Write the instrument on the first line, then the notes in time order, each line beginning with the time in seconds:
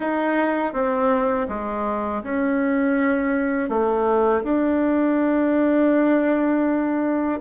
bassoon
0.00 D#4
0.73 C4
1.48 G#3
2.23 C#4
3.69 A3
4.43 D4